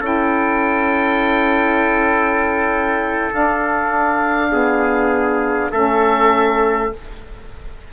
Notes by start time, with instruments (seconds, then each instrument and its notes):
0.00 bassoon C#4, saxophone E4, trumpet A4, oboe G5
3.32 saxophone D4, bassoon D4, oboe F5
4.50 saxophone B3, trumpet G#4
5.71 bassoon A3, saxophone C#4, trumpet A4, oboe E5